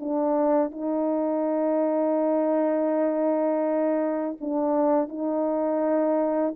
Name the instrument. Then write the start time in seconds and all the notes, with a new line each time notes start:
horn
0.00 D4
0.71 D#4
4.41 D4
5.09 D#4